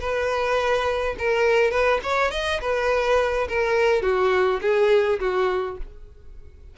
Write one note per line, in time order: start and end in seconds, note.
0.00 1.15 B4
1.19 1.71 A#4
1.71 2.00 B4
2.03 2.31 C#5
2.31 2.60 D#5
2.61 3.47 B4
3.49 4.02 A#4
4.02 4.60 F#4
4.62 5.19 G#4
5.19 5.77 F#4